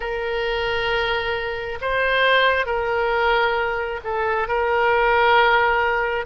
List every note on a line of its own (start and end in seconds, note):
0.00 1.78 A#4
1.81 2.66 C5
2.66 4.00 A#4
4.03 4.48 A4
4.48 6.25 A#4